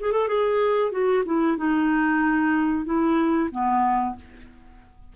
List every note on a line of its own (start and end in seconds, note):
0.00 0.12 G#4
0.12 0.28 A4
0.28 0.91 G#4
0.91 1.23 F#4
1.25 1.57 E4
1.57 2.85 D#4
2.85 3.50 E4
3.51 4.15 B3